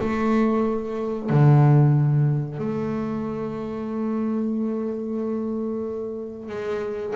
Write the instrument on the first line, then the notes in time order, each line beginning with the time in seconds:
double bass
0.00 A3
1.30 D3
2.58 A3
6.49 G#3